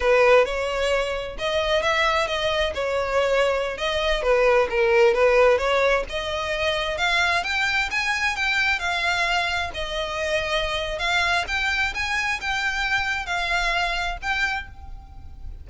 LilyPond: \new Staff \with { instrumentName = "violin" } { \time 4/4 \tempo 4 = 131 b'4 cis''2 dis''4 | e''4 dis''4 cis''2~ | cis''16 dis''4 b'4 ais'4 b'8.~ | b'16 cis''4 dis''2 f''8.~ |
f''16 g''4 gis''4 g''4 f''8.~ | f''4~ f''16 dis''2~ dis''8. | f''4 g''4 gis''4 g''4~ | g''4 f''2 g''4 | }